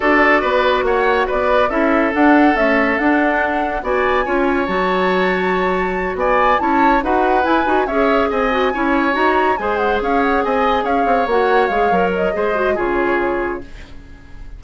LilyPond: <<
  \new Staff \with { instrumentName = "flute" } { \time 4/4 \tempo 4 = 141 d''2 fis''4 d''4 | e''4 fis''4 e''4 fis''4~ | fis''4 gis''2 a''4~ | a''2~ a''8 gis''4 a''8~ |
a''8 fis''4 gis''4 e''4 gis''8~ | gis''4. ais''4 gis''8 fis''8 f''8 | fis''8 gis''4 f''4 fis''4 f''8~ | f''8 dis''4. cis''2 | }
  \new Staff \with { instrumentName = "oboe" } { \time 4/4 a'4 b'4 cis''4 b'4 | a'1~ | a'4 d''4 cis''2~ | cis''2~ cis''8 d''4 cis''8~ |
cis''8 b'2 cis''4 dis''8~ | dis''8 cis''2 c''4 cis''8~ | cis''8 dis''4 cis''2~ cis''8~ | cis''4 c''4 gis'2 | }
  \new Staff \with { instrumentName = "clarinet" } { \time 4/4 fis'1 | e'4 d'4 a4 d'4~ | d'4 fis'4 f'4 fis'4~ | fis'2.~ fis'8 e'8~ |
e'8 fis'4 e'8 fis'8 gis'4. | fis'8 e'4 fis'4 gis'4.~ | gis'2~ gis'8 fis'4 gis'8 | ais'4 gis'8 fis'8 f'2 | }
  \new Staff \with { instrumentName = "bassoon" } { \time 4/4 d'4 b4 ais4 b4 | cis'4 d'4 cis'4 d'4~ | d'4 b4 cis'4 fis4~ | fis2~ fis8 b4 cis'8~ |
cis'8 dis'4 e'8 dis'8 cis'4 c'8~ | c'8 cis'4 dis'4 gis4 cis'8~ | cis'8 c'4 cis'8 c'8 ais4 gis8 | fis4 gis4 cis2 | }
>>